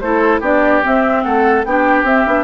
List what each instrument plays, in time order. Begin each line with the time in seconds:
0.00 bassoon A3, clarinet E4, oboe A4, flute C5
0.40 bassoon B3, clarinet D4, oboe G4, flute D5
0.83 clarinet C4, bassoon C4, flute E5
1.23 bassoon A3, oboe A4, flute F#5
1.65 bassoon B3, clarinet D4, oboe G4, flute G5
2.03 bassoon C4, clarinet C4, flute E5
2.27 bassoon B3, clarinet D4